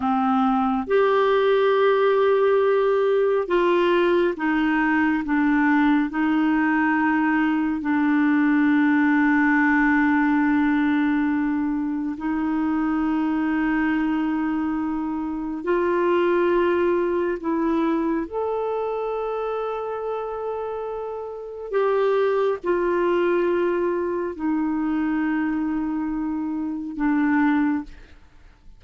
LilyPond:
\new Staff \with { instrumentName = "clarinet" } { \time 4/4 \tempo 4 = 69 c'4 g'2. | f'4 dis'4 d'4 dis'4~ | dis'4 d'2.~ | d'2 dis'2~ |
dis'2 f'2 | e'4 a'2.~ | a'4 g'4 f'2 | dis'2. d'4 | }